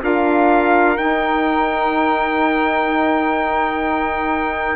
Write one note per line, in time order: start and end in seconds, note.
0.00 0.97 D4
0.00 0.95 F4
0.00 4.76 A#4
0.00 0.97 F5
0.97 4.76 D#4
0.97 4.76 G5